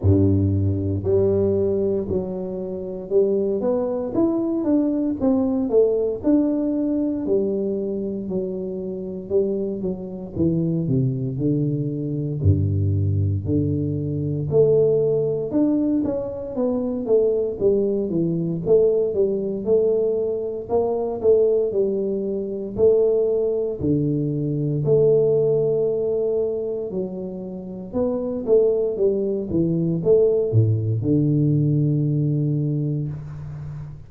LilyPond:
\new Staff \with { instrumentName = "tuba" } { \time 4/4 \tempo 4 = 58 g,4 g4 fis4 g8 b8 | e'8 d'8 c'8 a8 d'4 g4 | fis4 g8 fis8 e8 c8 d4 | g,4 d4 a4 d'8 cis'8 |
b8 a8 g8 e8 a8 g8 a4 | ais8 a8 g4 a4 d4 | a2 fis4 b8 a8 | g8 e8 a8 a,8 d2 | }